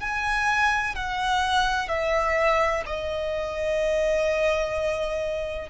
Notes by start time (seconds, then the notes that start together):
0.00 G#5
0.95 F#5
1.88 E5
2.86 D#5